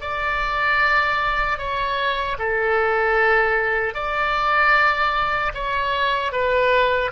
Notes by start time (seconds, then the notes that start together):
0.00 D5
1.58 C#5
2.38 A4
3.94 D5
5.54 C#5
6.32 B4